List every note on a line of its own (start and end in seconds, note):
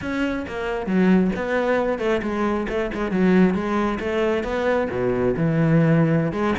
0.01 0.45 C#4
0.47 0.86 A#3
0.86 1.31 F#3
1.35 1.98 B3
1.98 2.21 A3
2.22 2.67 G#3
2.68 2.91 A3
2.93 3.11 G#3
3.11 3.54 F#3
3.54 3.98 G#3
3.99 4.43 A3
4.43 4.87 B3
4.90 5.35 B2
5.36 6.32 E3
6.32 6.54 G#3